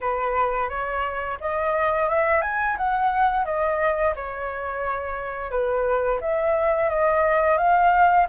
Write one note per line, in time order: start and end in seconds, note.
0.00 0.69 B4
0.69 1.38 C#5
1.40 2.09 D#5
2.09 2.41 E5
2.41 2.76 G#5
2.77 3.45 F#5
3.45 4.14 D#5
4.15 5.50 C#5
5.50 6.19 B4
6.20 6.89 E5
6.89 7.57 D#5
7.57 8.26 F5